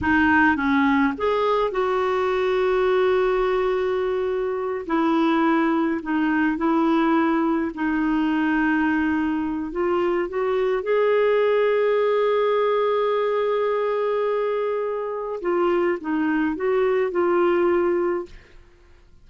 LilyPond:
\new Staff \with { instrumentName = "clarinet" } { \time 4/4 \tempo 4 = 105 dis'4 cis'4 gis'4 fis'4~ | fis'1~ | fis'8 e'2 dis'4 e'8~ | e'4. dis'2~ dis'8~ |
dis'4 f'4 fis'4 gis'4~ | gis'1~ | gis'2. f'4 | dis'4 fis'4 f'2 | }